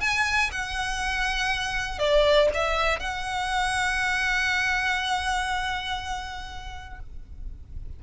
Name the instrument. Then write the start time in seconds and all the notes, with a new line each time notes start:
violin
0.00 G#5
0.51 F#5
1.99 D5
2.54 E5
2.99 F#5